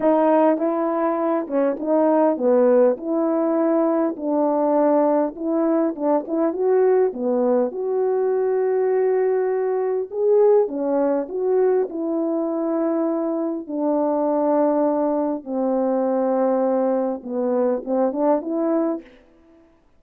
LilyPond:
\new Staff \with { instrumentName = "horn" } { \time 4/4 \tempo 4 = 101 dis'4 e'4. cis'8 dis'4 | b4 e'2 d'4~ | d'4 e'4 d'8 e'8 fis'4 | b4 fis'2.~ |
fis'4 gis'4 cis'4 fis'4 | e'2. d'4~ | d'2 c'2~ | c'4 b4 c'8 d'8 e'4 | }